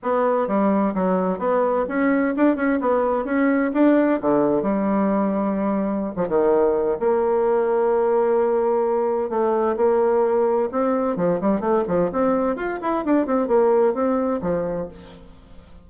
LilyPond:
\new Staff \with { instrumentName = "bassoon" } { \time 4/4 \tempo 4 = 129 b4 g4 fis4 b4 | cis'4 d'8 cis'8 b4 cis'4 | d'4 d4 g2~ | g4~ g16 f16 dis4. ais4~ |
ais1 | a4 ais2 c'4 | f8 g8 a8 f8 c'4 f'8 e'8 | d'8 c'8 ais4 c'4 f4 | }